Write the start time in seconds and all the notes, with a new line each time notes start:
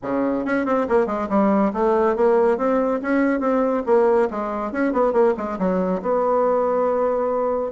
0.02 C#3
0.45 C#4
0.65 C4
0.88 A#3
1.06 G#3
1.29 G3
1.73 A3
2.15 A#3
2.57 C4
3.02 C#4
3.40 C4
3.86 A#3
4.30 G#3
4.71 C#4
4.93 B3
5.12 A#3
5.37 G#3
5.59 F#3
6.02 B3